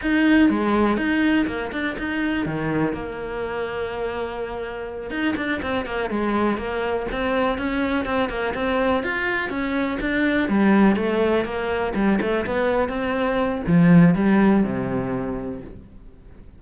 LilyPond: \new Staff \with { instrumentName = "cello" } { \time 4/4 \tempo 4 = 123 dis'4 gis4 dis'4 ais8 d'8 | dis'4 dis4 ais2~ | ais2~ ais8 dis'8 d'8 c'8 | ais8 gis4 ais4 c'4 cis'8~ |
cis'8 c'8 ais8 c'4 f'4 cis'8~ | cis'8 d'4 g4 a4 ais8~ | ais8 g8 a8 b4 c'4. | f4 g4 c2 | }